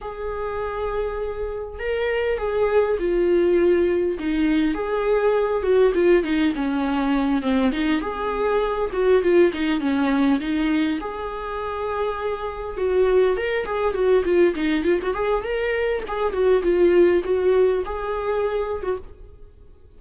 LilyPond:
\new Staff \with { instrumentName = "viola" } { \time 4/4 \tempo 4 = 101 gis'2. ais'4 | gis'4 f'2 dis'4 | gis'4. fis'8 f'8 dis'8 cis'4~ | cis'8 c'8 dis'8 gis'4. fis'8 f'8 |
dis'8 cis'4 dis'4 gis'4.~ | gis'4. fis'4 ais'8 gis'8 fis'8 | f'8 dis'8 f'16 fis'16 gis'8 ais'4 gis'8 fis'8 | f'4 fis'4 gis'4.~ gis'16 fis'16 | }